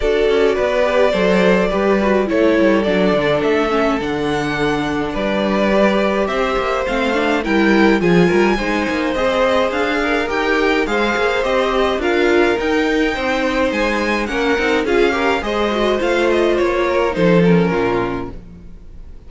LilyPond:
<<
  \new Staff \with { instrumentName = "violin" } { \time 4/4 \tempo 4 = 105 d''1 | cis''4 d''4 e''4 fis''4~ | fis''4 d''2 e''4 | f''4 g''4 gis''2 |
dis''4 f''4 g''4 f''4 | dis''4 f''4 g''2 | gis''4 fis''4 f''4 dis''4 | f''8 dis''8 cis''4 c''8 ais'4. | }
  \new Staff \with { instrumentName = "violin" } { \time 4/4 a'4 b'4 c''4 b'4 | a'1~ | a'4 b'2 c''4~ | c''4 ais'4 gis'8 ais'8 c''4~ |
c''4. ais'4. c''4~ | c''4 ais'2 c''4~ | c''4 ais'4 gis'8 ais'8 c''4~ | c''4. ais'8 a'4 f'4 | }
  \new Staff \with { instrumentName = "viola" } { \time 4/4 fis'4. g'8 a'4 g'8 fis'8 | e'4 d'4. cis'8 d'4~ | d'2 g'2 | c'8 d'8 e'4 f'4 dis'4 |
gis'2 g'4 gis'4 | g'4 f'4 dis'2~ | dis'4 cis'8 dis'8 f'8 g'8 gis'8 fis'8 | f'2 dis'8 cis'4. | }
  \new Staff \with { instrumentName = "cello" } { \time 4/4 d'8 cis'8 b4 fis4 g4 | a8 g8 fis8 d8 a4 d4~ | d4 g2 c'8 ais8 | a4 g4 f8 g8 gis8 ais8 |
c'4 d'4 dis'4 gis8 ais8 | c'4 d'4 dis'4 c'4 | gis4 ais8 c'8 cis'4 gis4 | a4 ais4 f4 ais,4 | }
>>